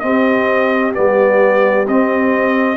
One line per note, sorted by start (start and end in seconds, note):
0.00 0.94 C4
0.00 0.96 C4
0.00 2.78 G4
0.00 0.92 D#5
0.94 1.88 G3
0.94 1.86 B3
0.94 1.87 D5
1.88 2.78 C4
1.88 2.78 D#5